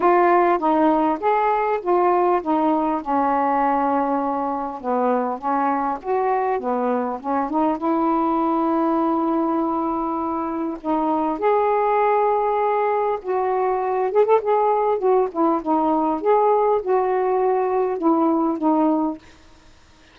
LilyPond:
\new Staff \with { instrumentName = "saxophone" } { \time 4/4 \tempo 4 = 100 f'4 dis'4 gis'4 f'4 | dis'4 cis'2. | b4 cis'4 fis'4 b4 | cis'8 dis'8 e'2.~ |
e'2 dis'4 gis'4~ | gis'2 fis'4. gis'16 a'16 | gis'4 fis'8 e'8 dis'4 gis'4 | fis'2 e'4 dis'4 | }